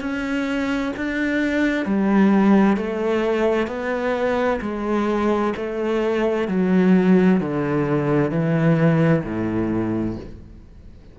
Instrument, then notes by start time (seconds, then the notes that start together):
cello
0.00 C#4
0.96 D4
1.85 G3
2.77 A3
3.67 B3
4.61 G#3
5.56 A3
6.48 F#3
7.40 D3
8.30 E3
9.23 A2